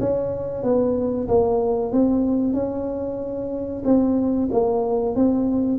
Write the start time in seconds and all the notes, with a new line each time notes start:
0.00 C#4
0.63 B3
1.28 A#3
1.92 C4
2.54 C#4
3.85 C4
4.52 A#3
5.16 C4